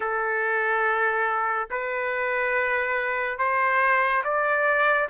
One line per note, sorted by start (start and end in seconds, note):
0.00 1.69 A4
1.70 3.38 B4
3.38 4.23 C5
4.23 5.08 D5